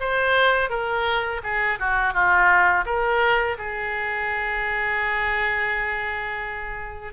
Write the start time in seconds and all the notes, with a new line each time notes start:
0.00 C5
0.70 A#4
1.43 G#4
1.79 F#4
2.13 F4
2.86 A#4
3.58 G#4